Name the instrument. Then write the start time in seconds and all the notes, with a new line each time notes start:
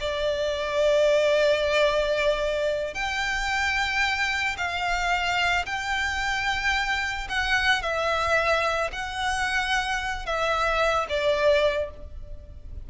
violin
0.00 D5
2.94 G5
4.57 F5
5.65 G5
7.29 F#5
7.82 E5
8.92 F#5
10.25 E5
11.09 D5